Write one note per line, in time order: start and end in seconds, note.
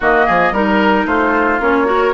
0.00 0.27 D#3
0.00 0.54 A#3
0.00 0.26 F#4
0.00 0.54 D#5
0.26 0.52 F3
0.26 0.52 G#4
0.52 1.05 G3
0.52 1.61 D#4
0.52 1.06 A#4
1.05 1.59 A3
1.05 1.87 F4
1.05 1.60 C5
1.59 2.13 A#3
1.59 1.86 C#4
1.59 2.13 C#5
1.86 2.12 F#4
1.86 2.13 A#4